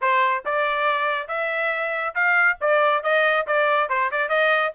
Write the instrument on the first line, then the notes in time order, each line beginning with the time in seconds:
trumpet
0.01 C5
0.45 D5
1.28 E5
2.14 F5
2.60 D5
3.03 D#5
3.46 D5
3.89 C5
4.11 D5
4.29 D#5